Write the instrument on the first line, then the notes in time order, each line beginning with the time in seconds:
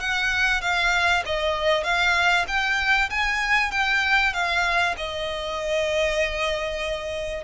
violin
0.00 F#5
0.61 F5
1.26 D#5
1.84 F5
2.48 G5
3.10 G#5
3.71 G5
4.33 F5
4.97 D#5